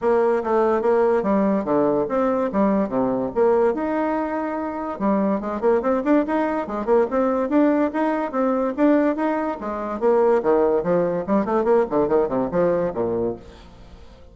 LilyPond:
\new Staff \with { instrumentName = "bassoon" } { \time 4/4 \tempo 4 = 144 ais4 a4 ais4 g4 | d4 c'4 g4 c4 | ais4 dis'2. | g4 gis8 ais8 c'8 d'8 dis'4 |
gis8 ais8 c'4 d'4 dis'4 | c'4 d'4 dis'4 gis4 | ais4 dis4 f4 g8 a8 | ais8 d8 dis8 c8 f4 ais,4 | }